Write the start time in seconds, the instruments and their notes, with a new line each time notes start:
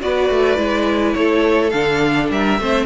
0.00 cello B3, viola F#4, violin B4 D5
0.30 cello A3
0.57 cello G#3, viola E4
1.14 cello A3, violin A4 C#5
1.70 cello D3, viola D4, violin F5
2.31 cello G3, violin A#4 E5
2.59 cello A3, viola C4, violin C5